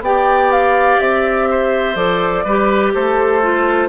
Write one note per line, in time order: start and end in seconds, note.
0.00 0.97 B3
0.00 1.95 G4
0.00 1.49 D5
0.00 0.52 G5
0.52 0.99 F5
0.99 1.95 C4
0.99 1.95 E5
1.50 2.44 C5
1.95 2.43 F3
1.95 2.44 A4
1.95 2.92 D5
2.44 2.92 G3
2.44 3.42 G4
2.44 2.93 B4
2.94 3.89 A3
2.94 3.89 A4
2.94 3.89 C5
3.42 3.89 F4